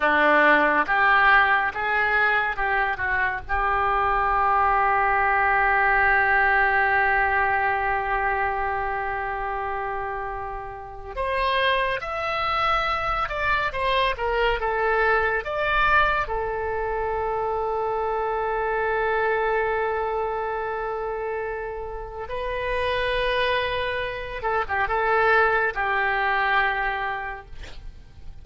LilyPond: \new Staff \with { instrumentName = "oboe" } { \time 4/4 \tempo 4 = 70 d'4 g'4 gis'4 g'8 fis'8 | g'1~ | g'1~ | g'4 c''4 e''4. d''8 |
c''8 ais'8 a'4 d''4 a'4~ | a'1~ | a'2 b'2~ | b'8 a'16 g'16 a'4 g'2 | }